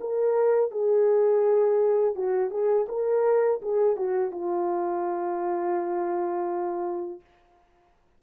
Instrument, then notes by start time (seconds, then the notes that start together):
horn
0.00 A#4
0.71 G#4
2.15 F#4
2.50 G#4
2.88 A#4
3.61 G#4
3.96 F#4
4.31 F4